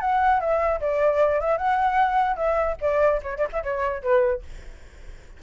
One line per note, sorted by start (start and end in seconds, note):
0.00 0.40 F#5
0.40 0.80 E5
0.80 1.40 D5
1.40 1.57 E5
1.57 2.36 F#5
2.36 2.76 E5
2.81 3.21 D5
3.22 3.37 C#5
3.37 3.47 D5
3.52 3.62 E5
3.63 4.02 C#5
4.02 4.42 B4